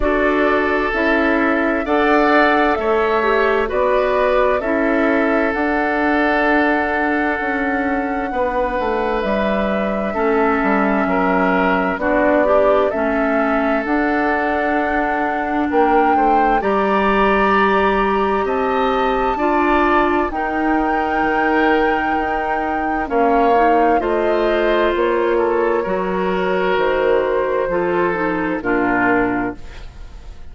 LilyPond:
<<
  \new Staff \with { instrumentName = "flute" } { \time 4/4 \tempo 4 = 65 d''4 e''4 fis''4 e''4 | d''4 e''4 fis''2~ | fis''2 e''2~ | e''4 d''4 e''4 fis''4~ |
fis''4 g''4 ais''2 | a''2 g''2~ | g''4 f''4 dis''4 cis''4~ | cis''4 c''2 ais'4 | }
  \new Staff \with { instrumentName = "oboe" } { \time 4/4 a'2 d''4 cis''4 | b'4 a'2.~ | a'4 b'2 a'4 | ais'4 fis'8 d'8 a'2~ |
a'4 ais'8 c''8 d''2 | dis''4 d''4 ais'2~ | ais'4 cis''4 c''4. a'8 | ais'2 a'4 f'4 | }
  \new Staff \with { instrumentName = "clarinet" } { \time 4/4 fis'4 e'4 a'4. g'8 | fis'4 e'4 d'2~ | d'2. cis'4~ | cis'4 d'8 g'8 cis'4 d'4~ |
d'2 g'2~ | g'4 f'4 dis'2~ | dis'4 cis'8 dis'8 f'2 | fis'2 f'8 dis'8 d'4 | }
  \new Staff \with { instrumentName = "bassoon" } { \time 4/4 d'4 cis'4 d'4 a4 | b4 cis'4 d'2 | cis'4 b8 a8 g4 a8 g8 | fis4 b4 a4 d'4~ |
d'4 ais8 a8 g2 | c'4 d'4 dis'4 dis4 | dis'4 ais4 a4 ais4 | fis4 dis4 f4 ais,4 | }
>>